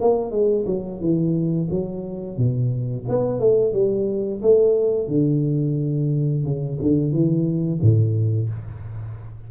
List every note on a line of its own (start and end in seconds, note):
0.00 0.30 A#3
0.30 0.64 G#3
0.66 1.00 F#3
1.00 1.68 E3
1.70 2.37 F#3
2.37 3.05 B2
3.08 3.39 B3
3.39 3.73 A3
3.73 4.41 G3
4.42 5.07 A3
5.07 6.43 D3
6.43 6.77 C#3
6.81 7.12 D3
7.12 7.80 E3
7.81 8.49 A2